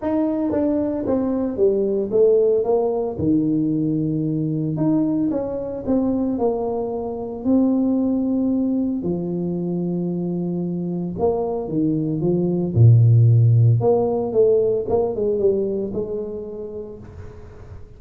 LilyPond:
\new Staff \with { instrumentName = "tuba" } { \time 4/4 \tempo 4 = 113 dis'4 d'4 c'4 g4 | a4 ais4 dis2~ | dis4 dis'4 cis'4 c'4 | ais2 c'2~ |
c'4 f2.~ | f4 ais4 dis4 f4 | ais,2 ais4 a4 | ais8 gis8 g4 gis2 | }